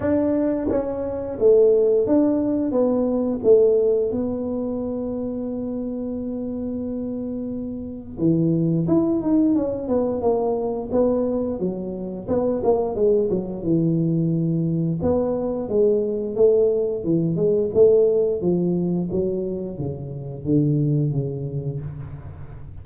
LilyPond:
\new Staff \with { instrumentName = "tuba" } { \time 4/4 \tempo 4 = 88 d'4 cis'4 a4 d'4 | b4 a4 b2~ | b1 | e4 e'8 dis'8 cis'8 b8 ais4 |
b4 fis4 b8 ais8 gis8 fis8 | e2 b4 gis4 | a4 e8 gis8 a4 f4 | fis4 cis4 d4 cis4 | }